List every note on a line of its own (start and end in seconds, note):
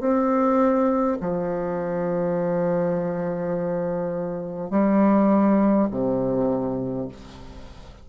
0.00 1.18 C4
1.20 4.70 F3
4.70 5.88 G3
5.90 7.08 C3